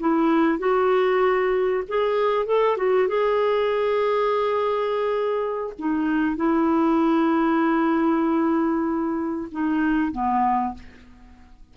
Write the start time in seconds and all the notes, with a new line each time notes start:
0.00 E4
0.59 F#4
1.88 G#4
2.46 A4
2.77 F#4
3.08 G#4
5.79 D#4
6.36 E4
9.52 D#4
10.12 B3